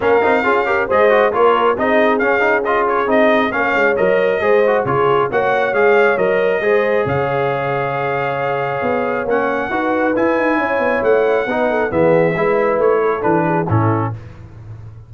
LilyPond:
<<
  \new Staff \with { instrumentName = "trumpet" } { \time 4/4 \tempo 4 = 136 f''2 dis''4 cis''4 | dis''4 f''4 dis''8 cis''8 dis''4 | f''4 dis''2 cis''4 | fis''4 f''4 dis''2 |
f''1~ | f''4 fis''2 gis''4~ | gis''4 fis''2 e''4~ | e''4 cis''4 b'4 a'4 | }
  \new Staff \with { instrumentName = "horn" } { \time 4/4 ais'4 gis'8 ais'8 c''4 ais'4 | gis'1 | cis''2 c''4 gis'4 | cis''2. c''4 |
cis''1~ | cis''2 b'2 | cis''2 b'8 a'8 gis'4 | b'4. a'4 gis'8 e'4 | }
  \new Staff \with { instrumentName = "trombone" } { \time 4/4 cis'8 dis'8 f'8 g'8 gis'8 fis'8 f'4 | dis'4 cis'8 dis'8 f'4 dis'4 | cis'4 ais'4 gis'8 fis'8 f'4 | fis'4 gis'4 ais'4 gis'4~ |
gis'1~ | gis'4 cis'4 fis'4 e'4~ | e'2 dis'4 b4 | e'2 d'4 cis'4 | }
  \new Staff \with { instrumentName = "tuba" } { \time 4/4 ais8 c'8 cis'4 gis4 ais4 | c'4 cis'2 c'4 | ais8 gis8 fis4 gis4 cis4 | ais4 gis4 fis4 gis4 |
cis1 | b4 ais4 dis'4 e'8 dis'8 | cis'8 b8 a4 b4 e4 | gis4 a4 e4 a,4 | }
>>